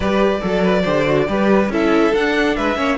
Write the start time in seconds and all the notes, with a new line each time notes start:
0.00 G3 G4 B4 D5
0.41 F#3 A4
0.63 B4
0.82 D3 G4 C5
1.05 F#4
1.27 G3 G4 B4
1.69 C#4 E4 A4 E5
2.12 D4 F#5
2.55 G#3 B4 E5
2.76 A#3 C#4 C#5